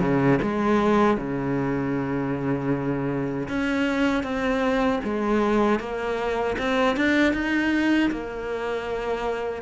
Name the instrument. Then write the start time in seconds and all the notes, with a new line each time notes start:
cello
0.00 C#3
0.42 G#3
1.17 C#3
3.48 C#4
4.23 C4
5.04 G#3
5.79 A#3
6.58 C4
6.97 D4
7.33 D#4
8.11 A#3